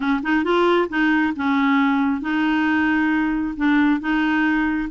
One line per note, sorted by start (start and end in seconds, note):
0.00 0.20 C#4
0.22 0.43 D#4
0.43 0.88 F4
0.89 1.33 D#4
1.36 2.21 C#4
2.21 3.54 D#4
3.56 4.00 D4
4.00 4.89 D#4